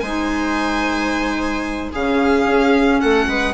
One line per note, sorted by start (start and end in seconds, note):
0.00 1.91 G#3
0.00 1.94 D#4
0.00 1.91 C5
0.00 1.89 G#5
1.92 2.46 C#3
1.92 3.54 C#4
1.92 3.00 G#4
1.92 3.01 F5
2.46 3.00 C#4
3.01 3.27 A3
3.01 3.28 A4
3.01 3.54 F#5
3.27 3.54 G#3
3.27 3.54 B4